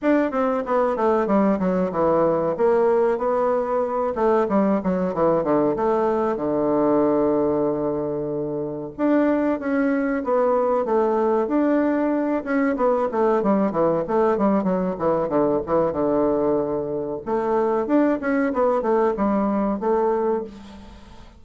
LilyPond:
\new Staff \with { instrumentName = "bassoon" } { \time 4/4 \tempo 4 = 94 d'8 c'8 b8 a8 g8 fis8 e4 | ais4 b4. a8 g8 fis8 | e8 d8 a4 d2~ | d2 d'4 cis'4 |
b4 a4 d'4. cis'8 | b8 a8 g8 e8 a8 g8 fis8 e8 | d8 e8 d2 a4 | d'8 cis'8 b8 a8 g4 a4 | }